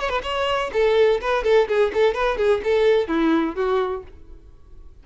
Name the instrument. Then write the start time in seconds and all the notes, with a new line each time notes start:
violin
0.00 C#5
0.09 B4
0.23 C#5
0.73 A4
1.21 B4
1.44 A4
1.68 G#4
1.94 A4
2.14 B4
2.37 G#4
2.63 A4
3.07 E4
3.55 F#4